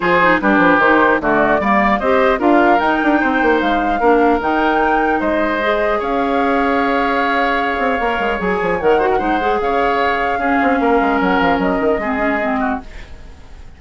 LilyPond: <<
  \new Staff \with { instrumentName = "flute" } { \time 4/4 \tempo 4 = 150 c''4 b'4 c''4 d''4~ | d''4 dis''4 f''4 g''4~ | g''4 f''2 g''4~ | g''4 dis''2 f''4~ |
f''1~ | f''4 gis''4 fis''2 | f''1 | fis''8 f''8 dis''2. | }
  \new Staff \with { instrumentName = "oboe" } { \time 4/4 gis'4 g'2 fis'4 | d''4 c''4 ais'2 | c''2 ais'2~ | ais'4 c''2 cis''4~ |
cis''1~ | cis''2~ cis''8 c''16 ais'16 c''4 | cis''2 gis'4 ais'4~ | ais'2 gis'4. fis'8 | }
  \new Staff \with { instrumentName = "clarinet" } { \time 4/4 f'8 dis'8 d'4 dis'4 a4 | ais4 g'4 f'4 dis'4~ | dis'2 d'4 dis'4~ | dis'2 gis'2~ |
gis'1 | ais'4 gis'4 ais'8 fis'8 dis'8 gis'8~ | gis'2 cis'2~ | cis'2 c'8 cis'8 c'4 | }
  \new Staff \with { instrumentName = "bassoon" } { \time 4/4 f4 g8 f8 dis4 d4 | g4 c'4 d'4 dis'8 d'8 | c'8 ais8 gis4 ais4 dis4~ | dis4 gis2 cis'4~ |
cis'2.~ cis'8 c'8 | ais8 gis8 fis8 f8 dis4 gis4 | cis2 cis'8 c'8 ais8 gis8 | fis8 f8 fis8 dis8 gis2 | }
>>